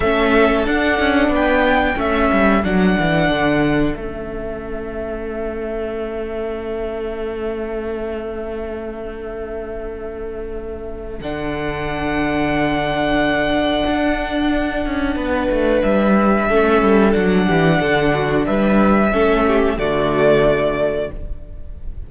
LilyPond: <<
  \new Staff \with { instrumentName = "violin" } { \time 4/4 \tempo 4 = 91 e''4 fis''4 g''4 e''4 | fis''2 e''2~ | e''1~ | e''1~ |
e''4 fis''2.~ | fis''1 | e''2 fis''2 | e''2 d''2 | }
  \new Staff \with { instrumentName = "violin" } { \time 4/4 a'2 b'4 a'4~ | a'1~ | a'1~ | a'1~ |
a'1~ | a'2. b'4~ | b'4 a'4. g'8 a'8 fis'8 | b'4 a'8 g'8 fis'2 | }
  \new Staff \with { instrumentName = "viola" } { \time 4/4 cis'4 d'2 cis'4 | d'2 cis'2~ | cis'1~ | cis'1~ |
cis'4 d'2.~ | d'1~ | d'4 cis'4 d'2~ | d'4 cis'4 a2 | }
  \new Staff \with { instrumentName = "cello" } { \time 4/4 a4 d'8 cis'8 b4 a8 g8 | fis8 e8 d4 a2~ | a1~ | a1~ |
a4 d2.~ | d4 d'4. cis'8 b8 a8 | g4 a8 g8 fis8 e8 d4 | g4 a4 d2 | }
>>